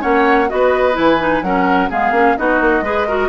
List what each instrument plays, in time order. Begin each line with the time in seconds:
0.00 bassoon A#3, clarinet C#4, oboe C#5, flute F#5
0.48 bassoon B3, clarinet F#4, flute D#5
0.54 oboe B4
0.92 bassoon E3, clarinet E4, flute G#5
1.19 clarinet D#4
1.42 bassoon F#3, clarinet C#4, oboe A#4, flute F#5
1.89 bassoon G#3, clarinet B3, oboe G#4, flute F5
2.11 bassoon A#3, clarinet C#4
2.37 bassoon B3, clarinet D#4, oboe F#4, flute D#5
2.60 bassoon A#3
2.81 bassoon G#3, clarinet G#4, oboe B4
3.07 clarinet F#4, oboe A#4